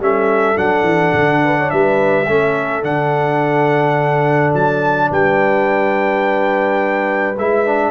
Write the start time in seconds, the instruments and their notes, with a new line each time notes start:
0.00 tuba G3, trombone C#4, horn A4, trumpet E5
0.56 tuba F#3, trombone D4, trumpet F#5
0.83 tuba E3
1.14 tuba D3
1.44 horn B4
1.58 horn C#5
1.70 tuba G3, horn B4, trumpet E5
2.27 tuba A3, trombone C#4, horn A4
2.83 tuba D3, trombone D4, trumpet F#5
4.54 tuba F#3, trumpet A5
5.11 tuba G3, horn B4, trumpet G5
7.38 tuba G#3, trombone E4, trumpet E5
7.66 trombone D4